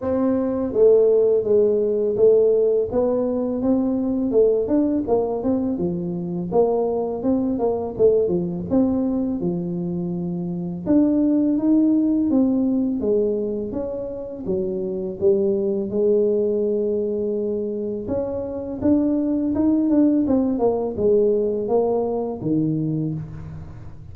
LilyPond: \new Staff \with { instrumentName = "tuba" } { \time 4/4 \tempo 4 = 83 c'4 a4 gis4 a4 | b4 c'4 a8 d'8 ais8 c'8 | f4 ais4 c'8 ais8 a8 f8 | c'4 f2 d'4 |
dis'4 c'4 gis4 cis'4 | fis4 g4 gis2~ | gis4 cis'4 d'4 dis'8 d'8 | c'8 ais8 gis4 ais4 dis4 | }